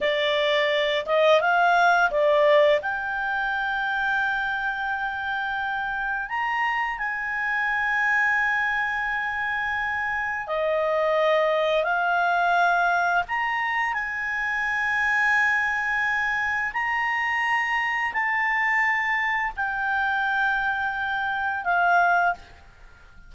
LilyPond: \new Staff \with { instrumentName = "clarinet" } { \time 4/4 \tempo 4 = 86 d''4. dis''8 f''4 d''4 | g''1~ | g''4 ais''4 gis''2~ | gis''2. dis''4~ |
dis''4 f''2 ais''4 | gis''1 | ais''2 a''2 | g''2. f''4 | }